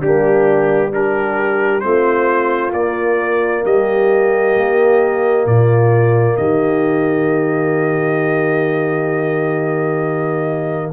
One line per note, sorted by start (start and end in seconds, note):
0.00 1.84 G3
0.00 0.92 A#3
0.00 0.91 D4
0.00 0.93 G4
0.92 1.82 D4
0.92 1.85 G4
0.92 1.80 A#4
1.80 2.73 A3
1.80 2.73 C4
1.80 3.64 F4
1.80 2.71 C5
2.73 3.64 A#3
2.73 10.93 A#3
2.73 3.64 D5
3.64 4.56 G3
3.64 5.46 G4
3.64 5.47 D#5
4.56 5.46 A#3
5.46 6.37 A#2
5.46 6.37 F4
5.46 6.37 D5
6.37 10.93 D#3
6.37 10.93 G4
6.37 10.91 D#5